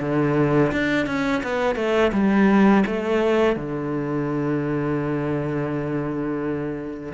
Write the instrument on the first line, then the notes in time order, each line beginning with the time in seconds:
cello
0.00 D3
0.72 D4
1.07 C#4
1.43 B3
1.76 A3
2.13 G3
2.87 A3
3.56 D3